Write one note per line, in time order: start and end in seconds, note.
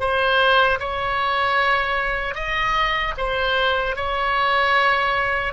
0.00 0.79 C5
0.80 2.35 C#5
2.35 3.14 D#5
3.18 3.96 C5
3.96 5.53 C#5